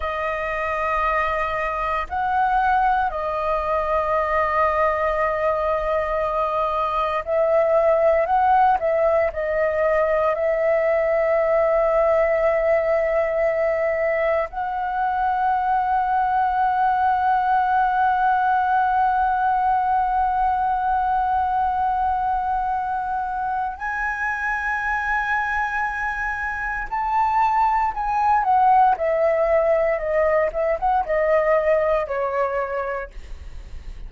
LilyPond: \new Staff \with { instrumentName = "flute" } { \time 4/4 \tempo 4 = 58 dis''2 fis''4 dis''4~ | dis''2. e''4 | fis''8 e''8 dis''4 e''2~ | e''2 fis''2~ |
fis''1~ | fis''2. gis''4~ | gis''2 a''4 gis''8 fis''8 | e''4 dis''8 e''16 fis''16 dis''4 cis''4 | }